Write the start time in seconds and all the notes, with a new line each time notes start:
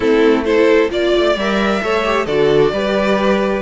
0.00 A3 C4 E4 A4
0.44 E4 A4 C5
0.89 A#3 F4 D5
1.17 A3
1.35 G3 A#4 E5
1.81 A3 A4 C#5
2.04 G4
2.25 D3 F#4 A4 D5
2.72 G3 G4 B4